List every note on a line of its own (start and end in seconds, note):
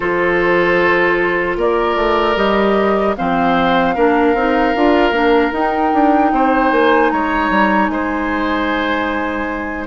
0.00 1.56 F3
0.00 2.36 F4
0.00 1.57 A4
0.00 1.57 C5
1.56 1.96 A#3
1.56 3.15 A#4
1.56 2.36 D5
1.96 2.35 A3
2.36 3.15 G3
2.36 3.15 G4
2.36 3.15 D#5
3.16 3.96 F3
3.16 3.96 C4
3.16 3.94 C5
3.16 5.53 F5
3.94 4.34 A#3
3.94 4.35 D4
3.94 6.31 A#4
4.34 4.73 C4
4.34 4.75 D#4
4.75 5.11 D4
4.75 5.13 F4
5.11 5.50 A#3
5.11 5.51 D4
5.51 5.91 D#4
5.51 9.86 D#4
5.51 6.71 G5
5.93 6.32 D4
6.32 6.71 C4
6.32 7.12 C5
6.71 7.11 A#3
6.71 7.10 G#5
7.10 7.50 G#3
7.10 7.91 C#5
7.10 7.87 A#5
7.50 7.89 G3
7.87 9.86 G#3
7.87 9.87 C5
7.87 9.84 G#5